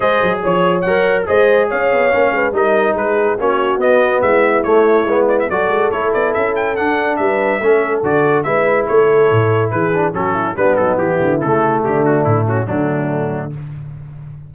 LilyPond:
<<
  \new Staff \with { instrumentName = "trumpet" } { \time 4/4 \tempo 4 = 142 dis''4 cis''4 fis''4 dis''4 | f''2 dis''4 b'4 | cis''4 dis''4 e''4 cis''4~ | cis''8 d''16 e''16 d''4 cis''8 d''8 e''8 g''8 |
fis''4 e''2 d''4 | e''4 cis''2 b'4 | a'4 b'8 a'8 g'4 a'4 | g'8 fis'8 e'8 fis'8 d'2 | }
  \new Staff \with { instrumentName = "horn" } { \time 4/4 c''4 cis''2 c''4 | cis''4. b'8 ais'4 gis'4 | fis'2 e'2~ | e'4 a'2.~ |
a'4 b'4 a'2 | b'4 a'2 gis'4 | fis'8 e'8 d'8 dis'8 e'2 | d'4. cis'8 a2 | }
  \new Staff \with { instrumentName = "trombone" } { \time 4/4 gis'2 ais'4 gis'4~ | gis'4 cis'4 dis'2 | cis'4 b2 a4 | b4 fis'4 e'2 |
d'2 cis'4 fis'4 | e'2.~ e'8 d'8 | cis'4 b2 a4~ | a2 fis2 | }
  \new Staff \with { instrumentName = "tuba" } { \time 4/4 gis8 fis8 f4 fis4 gis4 | cis'8 b8 ais8 gis8 g4 gis4 | ais4 b4 gis4 a4 | gis4 fis8 gis8 a8 b8 cis'4 |
d'4 g4 a4 d4 | gis4 a4 a,4 e4 | fis4 g8 fis8 e8 d8 cis4 | d4 a,4 d2 | }
>>